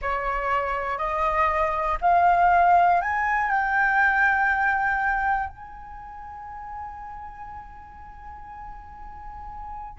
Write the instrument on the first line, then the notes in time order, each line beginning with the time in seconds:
flute
0.01 C#5
0.98 D#5
2.01 F5
3.01 G#5
3.50 G5
5.49 G#5